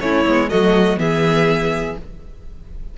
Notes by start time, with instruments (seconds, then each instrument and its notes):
0.00 cello A3, viola C#4, violin E4 C#5
0.26 cello G#3, viola B3
0.49 cello F#3, viola A3, violin F#4 D#5
0.97 cello E3, viola B3, violin G#4 E5